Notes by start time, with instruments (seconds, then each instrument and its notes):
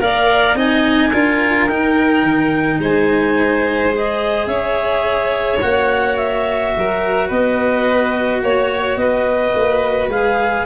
0.00 tuba A#3, cello A#4, violin D5, clarinet F5
0.55 tuba C4, cello D#4, violin D#5, clarinet G#5
1.10 tuba D4, cello F4, violin A#4
1.68 tuba D#4, cello D#4, clarinet G5
2.23 tuba D#3
2.79 tuba G#3, violin C5, clarinet G#5
3.90 cello G#4
3.96 clarinet D#5
4.47 tuba C#4, violin C#5, clarinet E5
5.61 tuba A#3, cello F#4, clarinet F#5
6.17 clarinet E5
6.77 tuba F#3, violin A#4
7.28 tuba B3, violin B4, clarinet D#5
8.43 tuba A#3, violin C#5, clarinet C#5
8.96 tuba B3, violin B4, clarinet D#5
9.56 tuba A#3
10.08 tuba G#3, cello G#4, clarinet F5